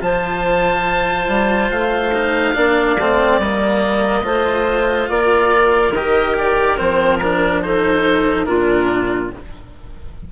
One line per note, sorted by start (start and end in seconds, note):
0.00 1.28 F3
0.00 2.11 F4
0.00 2.55 C5
0.00 1.71 A5
1.28 1.70 G3
1.70 2.54 A3
1.70 3.40 F5
2.14 2.54 D#4
2.54 2.98 A#3
2.54 2.96 D4
2.54 4.24 D5
2.98 3.38 A3
2.98 3.42 C4
3.38 4.23 G3
3.38 4.23 A#3
3.38 5.09 D#5
4.23 5.08 A3
4.23 5.92 F4
4.23 5.09 C5
5.09 5.92 A#3
5.09 7.63 A#4
5.09 5.94 D5
5.92 6.77 D#3
5.92 6.77 G4
5.92 6.37 D#5
6.38 6.78 D5
6.77 8.48 F3
6.77 7.20 C4
6.77 7.19 C5
7.19 7.64 D4
7.19 7.61 A#4
7.62 8.46 D#4
7.62 8.48 A4
7.62 8.45 C5
8.45 9.32 A#2
8.45 9.31 D4
8.45 9.32 F4
8.45 9.30 A#4